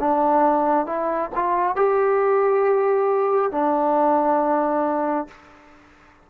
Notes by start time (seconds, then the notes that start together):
0.00 D4
0.87 E4
1.35 F4
1.76 G4
3.52 D4